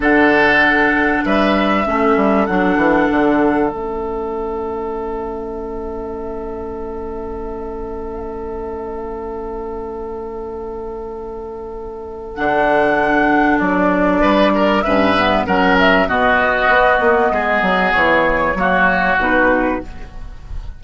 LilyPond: <<
  \new Staff \with { instrumentName = "flute" } { \time 4/4 \tempo 4 = 97 fis''2 e''2 | fis''2 e''2~ | e''1~ | e''1~ |
e''1 | fis''2 d''2 | e''4 fis''8 e''8 dis''2~ | dis''4 cis''2 b'4 | }
  \new Staff \with { instrumentName = "oboe" } { \time 4/4 a'2 b'4 a'4~ | a'1~ | a'1~ | a'1~ |
a'1~ | a'2. b'8 ais'8 | b'4 ais'4 fis'2 | gis'2 fis'2 | }
  \new Staff \with { instrumentName = "clarinet" } { \time 4/4 d'2. cis'4 | d'2 cis'2~ | cis'1~ | cis'1~ |
cis'1 | d'1 | cis'8 b8 cis'4 b2~ | b2 ais4 dis'4 | }
  \new Staff \with { instrumentName = "bassoon" } { \time 4/4 d2 g4 a8 g8 | fis8 e8 d4 a2~ | a1~ | a1~ |
a1 | d2 fis4 g4 | g,4 fis4 b,4 b8 ais8 | gis8 fis8 e4 fis4 b,4 | }
>>